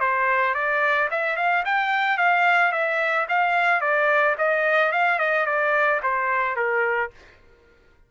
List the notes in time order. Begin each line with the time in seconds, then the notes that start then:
0.00 C5
0.55 D5
1.11 E5
1.36 F5
1.65 G5
2.18 F5
2.72 E5
3.29 F5
3.81 D5
4.38 D#5
4.92 F5
5.19 D#5
5.46 D5
6.03 C5
6.56 A#4